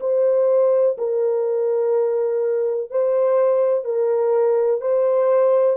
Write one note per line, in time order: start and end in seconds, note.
0.00 0.97 C5
0.98 2.90 A#4
2.90 3.84 C5
3.84 4.81 A#4
4.81 5.77 C5